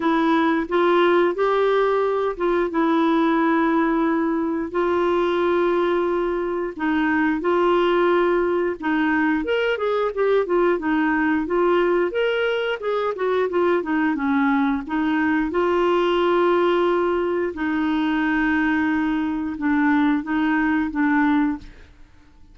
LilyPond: \new Staff \with { instrumentName = "clarinet" } { \time 4/4 \tempo 4 = 89 e'4 f'4 g'4. f'8 | e'2. f'4~ | f'2 dis'4 f'4~ | f'4 dis'4 ais'8 gis'8 g'8 f'8 |
dis'4 f'4 ais'4 gis'8 fis'8 | f'8 dis'8 cis'4 dis'4 f'4~ | f'2 dis'2~ | dis'4 d'4 dis'4 d'4 | }